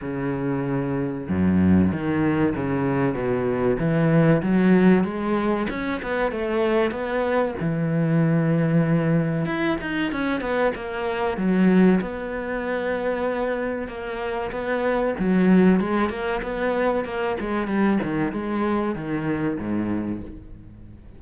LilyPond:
\new Staff \with { instrumentName = "cello" } { \time 4/4 \tempo 4 = 95 cis2 fis,4 dis4 | cis4 b,4 e4 fis4 | gis4 cis'8 b8 a4 b4 | e2. e'8 dis'8 |
cis'8 b8 ais4 fis4 b4~ | b2 ais4 b4 | fis4 gis8 ais8 b4 ais8 gis8 | g8 dis8 gis4 dis4 gis,4 | }